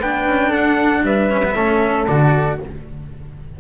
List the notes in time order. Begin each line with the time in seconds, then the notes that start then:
0.00 B3 D4 B4 G5
0.27 C#4
0.49 D4 A4 F#5
1.02 G3 B4 E5
1.31 C#4
1.45 B3
1.55 A3 C#4 A4
2.08 D3 F#4 D5